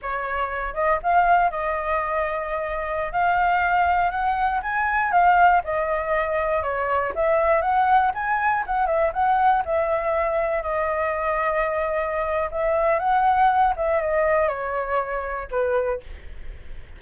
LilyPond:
\new Staff \with { instrumentName = "flute" } { \time 4/4 \tempo 4 = 120 cis''4. dis''8 f''4 dis''4~ | dis''2~ dis''16 f''4.~ f''16~ | f''16 fis''4 gis''4 f''4 dis''8.~ | dis''4~ dis''16 cis''4 e''4 fis''8.~ |
fis''16 gis''4 fis''8 e''8 fis''4 e''8.~ | e''4~ e''16 dis''2~ dis''8.~ | dis''4 e''4 fis''4. e''8 | dis''4 cis''2 b'4 | }